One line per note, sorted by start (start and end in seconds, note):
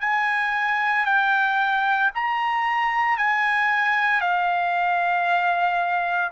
0.00 1.05 G#5
1.05 2.11 G5
2.14 3.17 A#5
3.17 4.21 G#5
4.21 6.31 F5